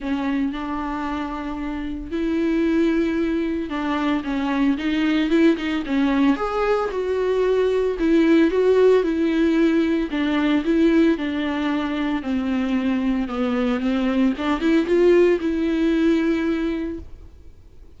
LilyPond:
\new Staff \with { instrumentName = "viola" } { \time 4/4 \tempo 4 = 113 cis'4 d'2. | e'2. d'4 | cis'4 dis'4 e'8 dis'8 cis'4 | gis'4 fis'2 e'4 |
fis'4 e'2 d'4 | e'4 d'2 c'4~ | c'4 b4 c'4 d'8 e'8 | f'4 e'2. | }